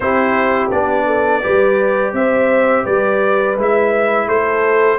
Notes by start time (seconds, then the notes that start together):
0.00 C4 E4 G4 C5
0.71 B3 D4 D5
1.06 A4
1.42 G3 G4 B4
2.12 C4 C5 E5
2.84 G3 B4 D5
3.57 G#3 E4 E5
4.27 A3 A4 C5